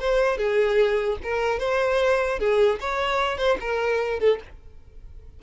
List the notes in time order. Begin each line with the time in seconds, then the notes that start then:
0.00 C5
0.38 G#4
1.24 A#4
1.59 C5
2.39 G#4
2.81 C#5
3.38 C5
3.61 A#4
4.20 A4